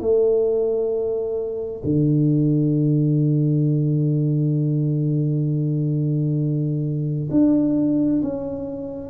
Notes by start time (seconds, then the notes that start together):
0.00 A3
1.83 D3
7.31 D4
8.22 C#4